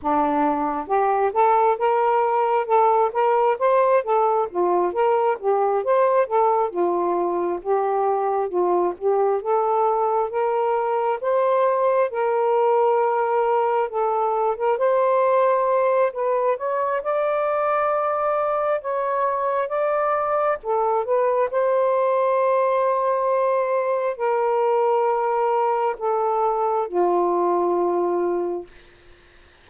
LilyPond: \new Staff \with { instrumentName = "saxophone" } { \time 4/4 \tempo 4 = 67 d'4 g'8 a'8 ais'4 a'8 ais'8 | c''8 a'8 f'8 ais'8 g'8 c''8 a'8 f'8~ | f'8 g'4 f'8 g'8 a'4 ais'8~ | ais'8 c''4 ais'2 a'8~ |
a'16 ais'16 c''4. b'8 cis''8 d''4~ | d''4 cis''4 d''4 a'8 b'8 | c''2. ais'4~ | ais'4 a'4 f'2 | }